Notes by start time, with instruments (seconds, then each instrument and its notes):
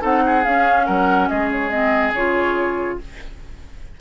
0.00 bassoon C4, clarinet D#4, oboe A4, flute F#5
0.26 oboe G#4
0.45 bassoon C#4, clarinet C#4, flute F5
0.86 bassoon F#3, oboe A#4, flute F#5
1.29 bassoon G#3, oboe G#4, flute D#5
1.51 flute C#5
1.70 clarinet C4, flute D#5
2.14 bassoon C#3, clarinet F4, flute C#5